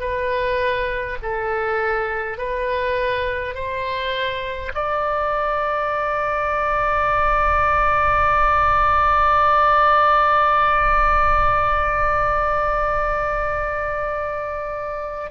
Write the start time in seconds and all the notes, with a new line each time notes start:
0.00 B4
1.23 A4
2.39 B4
3.55 C5
4.75 D5